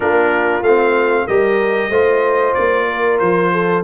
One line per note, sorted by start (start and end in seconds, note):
0.00 0.61 A#3
0.00 0.62 D4
0.00 1.24 F4
0.00 0.63 A#4
0.61 1.25 A3
0.61 1.28 C4
0.61 1.27 F5
1.26 1.89 G3
1.26 1.91 G4
1.26 1.90 A#4
1.26 2.54 D#5
1.89 2.53 A3
1.89 3.83 F4
1.89 2.86 C5
2.54 3.21 A#3
2.54 3.17 D5
2.89 3.52 A#4
3.19 3.83 F3
3.19 3.83 C5
3.52 3.83 A4